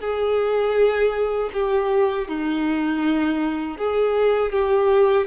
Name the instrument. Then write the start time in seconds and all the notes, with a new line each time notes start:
violin
0.00 G#4
1.53 G4
2.28 D#4
3.77 G#4
4.52 G4